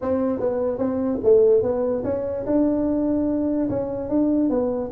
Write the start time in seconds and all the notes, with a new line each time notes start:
0.01 C4
0.39 B3
0.78 C4
1.23 A3
1.62 B3
2.04 C#4
2.46 D4
3.69 C#4
4.09 D4
4.49 B3